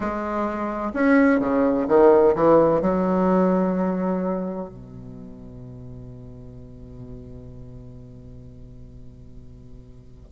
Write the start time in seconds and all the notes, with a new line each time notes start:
0.00 G#3
0.93 C#4
1.39 C#3
1.87 D#3
2.35 E3
2.81 F#3
4.69 B2